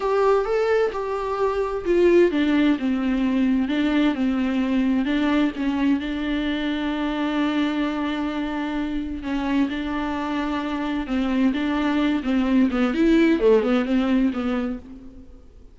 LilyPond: \new Staff \with { instrumentName = "viola" } { \time 4/4 \tempo 4 = 130 g'4 a'4 g'2 | f'4 d'4 c'2 | d'4 c'2 d'4 | cis'4 d'2.~ |
d'1 | cis'4 d'2. | c'4 d'4. c'4 b8 | e'4 a8 b8 c'4 b4 | }